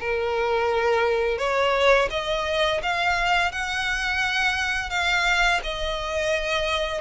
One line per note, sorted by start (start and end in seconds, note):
0.00 1.38 A#4
1.38 2.09 C#5
2.10 2.81 D#5
2.83 3.52 F5
3.52 4.90 F#5
4.90 5.61 F5
5.63 7.01 D#5